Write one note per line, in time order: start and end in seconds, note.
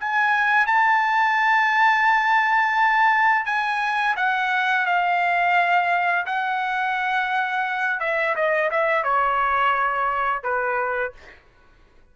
0.00 0.66 G#5
0.66 3.45 A5
3.45 4.15 G#5
4.16 4.86 F#5
4.86 6.25 F5
6.26 8.00 F#5
8.00 8.35 E5
8.35 8.70 D#5
8.71 9.03 E5
9.03 10.43 C#5
10.43 11.13 B4